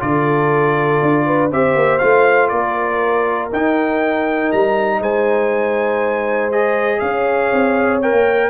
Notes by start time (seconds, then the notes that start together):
0.00 D3 F4 A4 D5
1.02 D4
1.26 B4
1.51 C4 G4 C5 E5
1.76 A#3
1.99 A3 F4 F5
2.49 A#3 A#4 D5
3.52 D#4 G5
4.52 G3 A#5
5.00 G#3 C5 G#5
6.52 G#4 D#5
7.00 C#4 C#5 F5
7.52 C4
8.02 A#4 G5
8.12 A#3